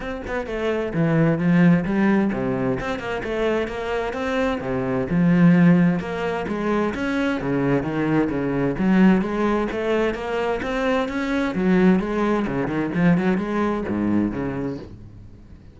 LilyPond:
\new Staff \with { instrumentName = "cello" } { \time 4/4 \tempo 4 = 130 c'8 b8 a4 e4 f4 | g4 c4 c'8 ais8 a4 | ais4 c'4 c4 f4~ | f4 ais4 gis4 cis'4 |
cis4 dis4 cis4 fis4 | gis4 a4 ais4 c'4 | cis'4 fis4 gis4 cis8 dis8 | f8 fis8 gis4 gis,4 cis4 | }